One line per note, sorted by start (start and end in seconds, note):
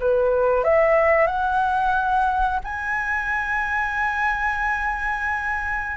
0.00 0.64 B4
0.64 1.27 E5
1.27 2.60 F#5
2.64 5.96 G#5